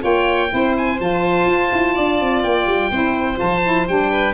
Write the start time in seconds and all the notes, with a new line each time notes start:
0.00 A#3 F4 C#5 G5
0.49 C4 E4 C5
0.77 G#5
0.99 F3 F4 A5
1.46 F4
1.72 E4
1.94 D4 D5
2.20 C4
2.43 A#3 G5
2.67 G3
2.90 C4 E4 C5
3.35 F3 F4 A5
3.63 E4
3.88 G3 D4 G5
4.11 B4